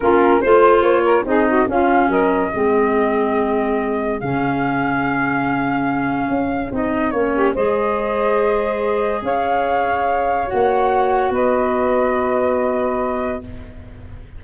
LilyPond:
<<
  \new Staff \with { instrumentName = "flute" } { \time 4/4 \tempo 4 = 143 ais'4 c''4 cis''4 dis''4 | f''4 dis''2.~ | dis''2 f''2~ | f''1 |
dis''4 cis''4 dis''2~ | dis''2 f''2~ | f''4 fis''2 dis''4~ | dis''1 | }
  \new Staff \with { instrumentName = "saxophone" } { \time 4/4 f'4 c''4. ais'8 gis'8 fis'8 | f'4 ais'4 gis'2~ | gis'1~ | gis'1~ |
gis'4. g'8 c''2~ | c''2 cis''2~ | cis''2. b'4~ | b'1 | }
  \new Staff \with { instrumentName = "clarinet" } { \time 4/4 cis'4 f'2 dis'4 | cis'2 c'2~ | c'2 cis'2~ | cis'1 |
dis'4 cis'4 gis'2~ | gis'1~ | gis'4 fis'2.~ | fis'1 | }
  \new Staff \with { instrumentName = "tuba" } { \time 4/4 ais4 a4 ais4 c'4 | cis'4 fis4 gis2~ | gis2 cis2~ | cis2. cis'4 |
c'4 ais4 gis2~ | gis2 cis'2~ | cis'4 ais2 b4~ | b1 | }
>>